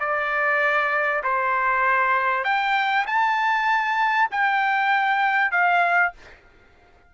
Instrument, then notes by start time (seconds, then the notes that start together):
trumpet
0.00 D5
1.23 C5
2.44 G5
3.07 A5
4.31 G5
5.51 F5